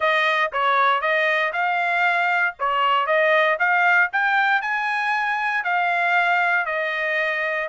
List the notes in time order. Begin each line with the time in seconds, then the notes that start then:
0.00 D#5
0.52 C#5
1.01 D#5
1.52 F5
2.59 C#5
3.06 D#5
3.59 F5
4.12 G5
4.61 G#5
5.64 F5
6.65 D#5